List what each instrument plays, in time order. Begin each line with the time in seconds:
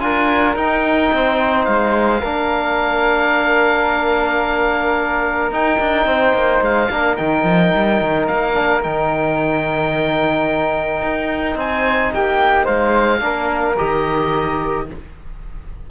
0.00 cello D4, trombone F4, flute A#4, oboe G#5
0.56 cello D#4, trombone D#4, oboe G5
1.12 cello C4, flute C5
1.65 cello G#3, oboe F5
2.21 cello A#3, trombone D4, flute A#4
5.51 cello D#4, trombone D#4, oboe G5
5.80 cello D4
6.06 cello C4, flute C5
6.33 cello A#3
6.61 cello G#3, oboe F5
6.90 cello A#3, trombone D4, flute A#4
7.17 cello D#3, trombone D#4, oboe G5
7.44 cello F3
7.75 cello G3
8.01 cello D#3
8.27 cello A#3, oboe F5
8.53 trombone D4
8.81 cello D#3, trombone D#4, oboe G5
11.02 cello D#4
11.55 cello C4, flute C5, oboe G#5
12.13 cello A#3, flute G4, oboe G5
12.64 cello G#3, flute C5, oboe F5
13.20 cello A#3, trombone D4, flute A#4
13.77 cello D#3, trombone G4, oboe D#5